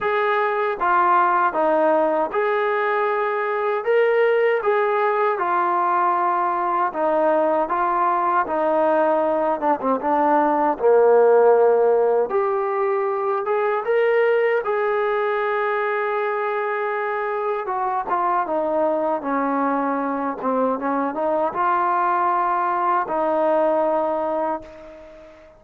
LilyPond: \new Staff \with { instrumentName = "trombone" } { \time 4/4 \tempo 4 = 78 gis'4 f'4 dis'4 gis'4~ | gis'4 ais'4 gis'4 f'4~ | f'4 dis'4 f'4 dis'4~ | dis'8 d'16 c'16 d'4 ais2 |
g'4. gis'8 ais'4 gis'4~ | gis'2. fis'8 f'8 | dis'4 cis'4. c'8 cis'8 dis'8 | f'2 dis'2 | }